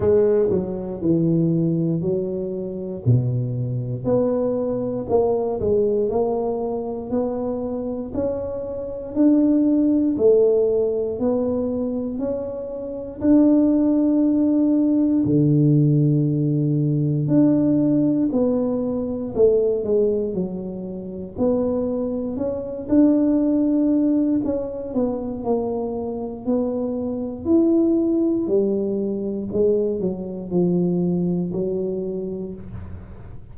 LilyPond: \new Staff \with { instrumentName = "tuba" } { \time 4/4 \tempo 4 = 59 gis8 fis8 e4 fis4 b,4 | b4 ais8 gis8 ais4 b4 | cis'4 d'4 a4 b4 | cis'4 d'2 d4~ |
d4 d'4 b4 a8 gis8 | fis4 b4 cis'8 d'4. | cis'8 b8 ais4 b4 e'4 | g4 gis8 fis8 f4 fis4 | }